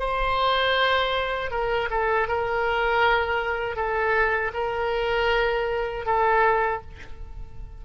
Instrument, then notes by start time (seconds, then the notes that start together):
oboe
0.00 C5
1.51 A#4
1.91 A4
2.29 A#4
3.76 A4
4.54 A#4
6.06 A4